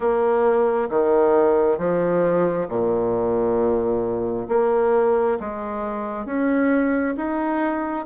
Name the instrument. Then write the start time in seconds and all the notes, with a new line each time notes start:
bassoon
0.00 A#3
0.89 D#3
1.77 F3
2.68 A#2
4.48 A#3
5.40 G#3
6.25 C#4
7.16 D#4